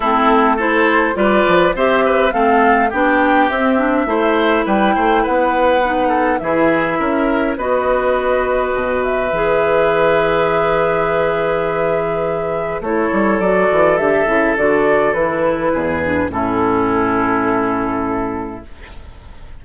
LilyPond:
<<
  \new Staff \with { instrumentName = "flute" } { \time 4/4 \tempo 4 = 103 a'4 c''4 d''4 e''4 | f''4 g''4 e''2 | g''4 fis''2 e''4~ | e''4 dis''2~ dis''8 e''8~ |
e''1~ | e''2 cis''4 d''4 | e''4 d''4 b'2 | a'1 | }
  \new Staff \with { instrumentName = "oboe" } { \time 4/4 e'4 a'4 b'4 c''8 b'8 | a'4 g'2 c''4 | b'8 c''8 b'4. a'8 gis'4 | ais'4 b'2.~ |
b'1~ | b'2 a'2~ | a'2. gis'4 | e'1 | }
  \new Staff \with { instrumentName = "clarinet" } { \time 4/4 c'4 e'4 f'4 g'4 | c'4 d'4 c'8 d'8 e'4~ | e'2 dis'4 e'4~ | e'4 fis'2. |
gis'1~ | gis'2 e'4 fis'4 | g'8 e'8 fis'4 e'4. d'8 | cis'1 | }
  \new Staff \with { instrumentName = "bassoon" } { \time 4/4 a2 g8 f8 c'4 | a4 b4 c'4 a4 | g8 a8 b2 e4 | cis'4 b2 b,4 |
e1~ | e2 a8 g8 fis8 e8 | d8 cis8 d4 e4 e,4 | a,1 | }
>>